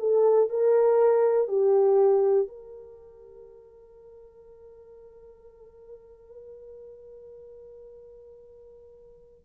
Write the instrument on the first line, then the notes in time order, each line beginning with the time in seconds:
horn
0.00 A4
0.50 A#4
1.48 G4
2.48 A#4